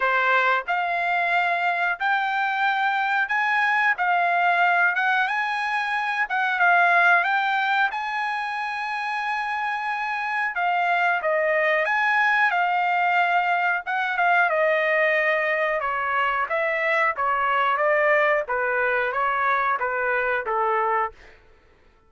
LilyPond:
\new Staff \with { instrumentName = "trumpet" } { \time 4/4 \tempo 4 = 91 c''4 f''2 g''4~ | g''4 gis''4 f''4. fis''8 | gis''4. fis''8 f''4 g''4 | gis''1 |
f''4 dis''4 gis''4 f''4~ | f''4 fis''8 f''8 dis''2 | cis''4 e''4 cis''4 d''4 | b'4 cis''4 b'4 a'4 | }